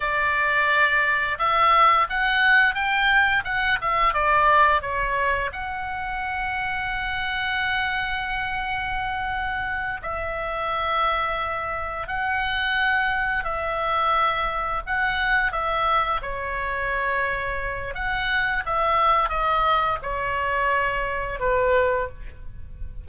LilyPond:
\new Staff \with { instrumentName = "oboe" } { \time 4/4 \tempo 4 = 87 d''2 e''4 fis''4 | g''4 fis''8 e''8 d''4 cis''4 | fis''1~ | fis''2~ fis''8 e''4.~ |
e''4. fis''2 e''8~ | e''4. fis''4 e''4 cis''8~ | cis''2 fis''4 e''4 | dis''4 cis''2 b'4 | }